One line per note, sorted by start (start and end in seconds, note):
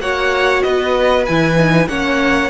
0.00 0.62 A#3
0.00 1.27 F#4
0.00 0.64 C#5
0.00 0.63 F#5
0.63 1.28 B3
0.63 1.89 B4
0.63 1.25 D#5
1.26 1.88 E3
1.26 1.57 E4
1.26 1.89 G#5
1.57 1.88 D#4
1.88 2.50 A#3
1.88 2.50 C#4
1.88 2.50 C#5
1.88 2.50 F#5